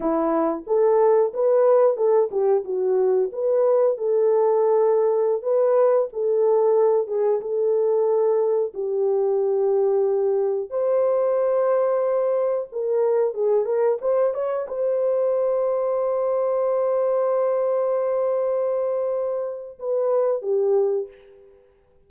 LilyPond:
\new Staff \with { instrumentName = "horn" } { \time 4/4 \tempo 4 = 91 e'4 a'4 b'4 a'8 g'8 | fis'4 b'4 a'2~ | a'16 b'4 a'4. gis'8 a'8.~ | a'4~ a'16 g'2~ g'8.~ |
g'16 c''2. ais'8.~ | ais'16 gis'8 ais'8 c''8 cis''8 c''4.~ c''16~ | c''1~ | c''2 b'4 g'4 | }